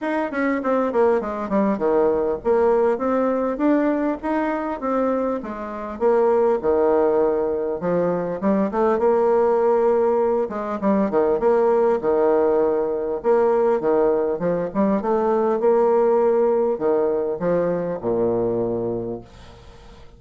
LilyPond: \new Staff \with { instrumentName = "bassoon" } { \time 4/4 \tempo 4 = 100 dis'8 cis'8 c'8 ais8 gis8 g8 dis4 | ais4 c'4 d'4 dis'4 | c'4 gis4 ais4 dis4~ | dis4 f4 g8 a8 ais4~ |
ais4. gis8 g8 dis8 ais4 | dis2 ais4 dis4 | f8 g8 a4 ais2 | dis4 f4 ais,2 | }